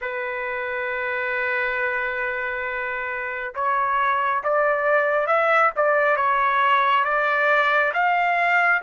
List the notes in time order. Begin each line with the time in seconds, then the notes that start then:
0.01 B4
3.55 C#5
4.43 D5
5.26 E5
5.76 D5
6.16 C#5
7.04 D5
7.93 F5